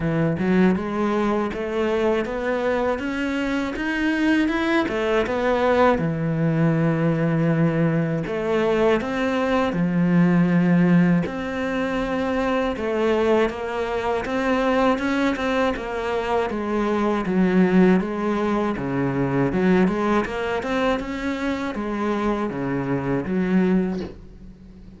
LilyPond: \new Staff \with { instrumentName = "cello" } { \time 4/4 \tempo 4 = 80 e8 fis8 gis4 a4 b4 | cis'4 dis'4 e'8 a8 b4 | e2. a4 | c'4 f2 c'4~ |
c'4 a4 ais4 c'4 | cis'8 c'8 ais4 gis4 fis4 | gis4 cis4 fis8 gis8 ais8 c'8 | cis'4 gis4 cis4 fis4 | }